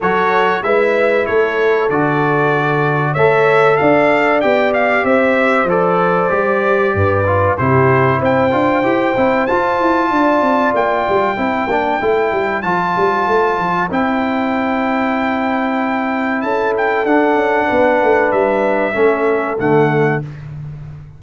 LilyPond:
<<
  \new Staff \with { instrumentName = "trumpet" } { \time 4/4 \tempo 4 = 95 cis''4 e''4 cis''4 d''4~ | d''4 e''4 f''4 g''8 f''8 | e''4 d''2. | c''4 g''2 a''4~ |
a''4 g''2. | a''2 g''2~ | g''2 a''8 g''8 fis''4~ | fis''4 e''2 fis''4 | }
  \new Staff \with { instrumentName = "horn" } { \time 4/4 a'4 b'4 a'2~ | a'4 cis''4 d''2 | c''2. b'4 | g'4 c''2. |
d''2 c''2~ | c''1~ | c''2 a'2 | b'2 a'2 | }
  \new Staff \with { instrumentName = "trombone" } { \time 4/4 fis'4 e'2 fis'4~ | fis'4 a'2 g'4~ | g'4 a'4 g'4. f'8 | e'4. f'8 g'8 e'8 f'4~ |
f'2 e'8 d'8 e'4 | f'2 e'2~ | e'2. d'4~ | d'2 cis'4 a4 | }
  \new Staff \with { instrumentName = "tuba" } { \time 4/4 fis4 gis4 a4 d4~ | d4 a4 d'4 b4 | c'4 f4 g4 g,4 | c4 c'8 d'8 e'8 c'8 f'8 e'8 |
d'8 c'8 ais8 g8 c'8 ais8 a8 g8 | f8 g8 a8 f8 c'2~ | c'2 cis'4 d'8 cis'8 | b8 a8 g4 a4 d4 | }
>>